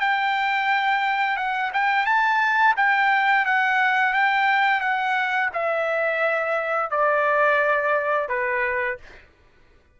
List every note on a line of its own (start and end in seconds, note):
0.00 1.37 G5
1.37 1.71 F#5
1.73 2.06 G5
2.06 2.75 A5
2.76 3.45 G5
3.45 4.13 F#5
4.13 4.81 G5
4.81 5.50 F#5
5.53 6.91 E5
6.91 8.29 D5
8.29 8.98 B4